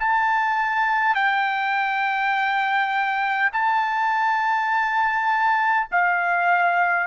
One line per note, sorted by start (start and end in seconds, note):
0.00 1.15 A5
1.15 3.50 G5
3.53 5.88 A5
5.91 7.07 F5